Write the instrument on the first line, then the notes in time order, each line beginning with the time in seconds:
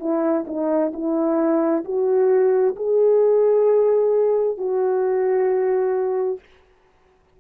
horn
0.00 E4
0.47 D#4
0.93 E4
1.85 F#4
2.76 G#4
4.58 F#4